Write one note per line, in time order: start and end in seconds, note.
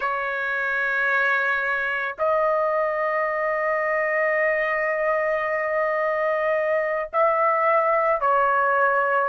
0.00 2.16 C#5
2.18 7.09 D#5
7.13 8.21 E5
8.21 9.28 C#5